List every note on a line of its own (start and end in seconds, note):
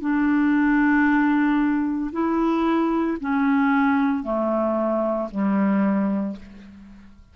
0.00 2.11 D4
2.12 3.17 E4
3.20 4.23 C#4
4.23 5.28 A3
5.31 6.36 G3